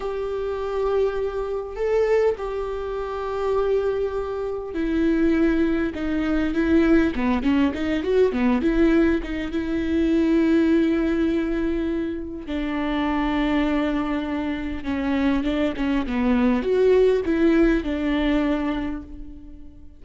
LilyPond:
\new Staff \with { instrumentName = "viola" } { \time 4/4 \tempo 4 = 101 g'2. a'4 | g'1 | e'2 dis'4 e'4 | b8 cis'8 dis'8 fis'8 b8 e'4 dis'8 |
e'1~ | e'4 d'2.~ | d'4 cis'4 d'8 cis'8 b4 | fis'4 e'4 d'2 | }